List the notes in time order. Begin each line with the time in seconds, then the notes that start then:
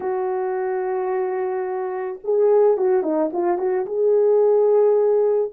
0.00 F#4
2.24 G#4
2.77 F#4
3.03 D#4
3.33 F4
3.58 F#4
3.86 G#4